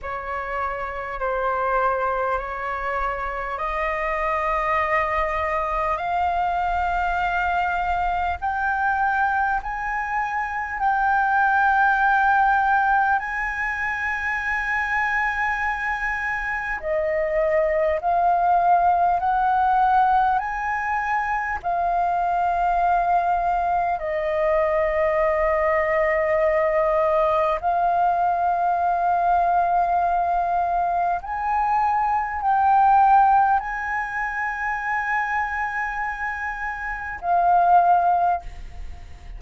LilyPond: \new Staff \with { instrumentName = "flute" } { \time 4/4 \tempo 4 = 50 cis''4 c''4 cis''4 dis''4~ | dis''4 f''2 g''4 | gis''4 g''2 gis''4~ | gis''2 dis''4 f''4 |
fis''4 gis''4 f''2 | dis''2. f''4~ | f''2 gis''4 g''4 | gis''2. f''4 | }